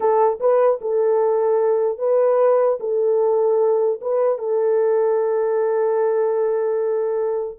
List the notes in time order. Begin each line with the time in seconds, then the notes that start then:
0.00 A4
0.40 B4
0.81 A4
1.98 B4
2.80 A4
4.01 B4
4.38 A4